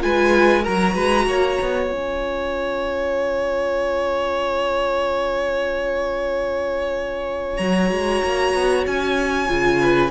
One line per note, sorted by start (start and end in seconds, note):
0.00 0.66 G#3
0.00 0.63 F4
0.00 0.63 B4
0.00 0.65 G#5
0.63 0.95 F#3
0.63 1.90 F#4
0.63 0.94 A#4
0.63 1.90 A#5
0.94 1.26 G#3
0.94 1.26 B4
1.26 1.58 A#3
1.26 9.80 C#5
1.61 1.92 B3
1.90 7.59 C#4
1.90 7.58 F4
1.90 7.57 G#5
7.57 7.90 F#3
7.57 9.48 F#4
7.57 8.83 A#5
7.91 8.22 G#3
8.24 8.54 A#3
8.54 8.86 B3
8.86 9.49 C#4
8.86 10.11 G#5
9.48 10.11 C#3
9.48 10.11 F4
9.80 10.11 B4